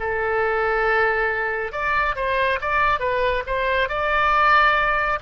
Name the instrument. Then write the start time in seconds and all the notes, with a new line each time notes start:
oboe
0.00 A4
1.72 D5
2.16 C5
2.62 D5
3.00 B4
3.47 C5
3.89 D5